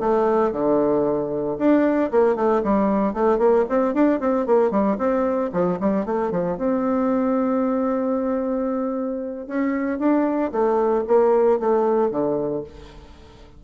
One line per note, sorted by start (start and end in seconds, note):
0.00 0.52 A3
0.52 1.57 D3
1.58 2.11 D4
2.11 2.35 A#3
2.35 2.62 A3
2.63 3.13 G3
3.13 3.38 A3
3.38 3.65 A#3
3.69 3.94 C4
3.94 4.20 D4
4.20 4.46 C4
4.46 4.71 A#3
4.71 4.97 G3
4.98 5.50 C4
5.52 5.79 F3
5.80 6.05 G3
6.05 6.31 A3
6.31 6.57 F3
6.57 9.47 C4
9.47 9.99 C#4
9.99 10.51 D4
10.52 11.05 A3
11.07 11.59 A#3
11.59 12.11 A3
12.11 12.63 D3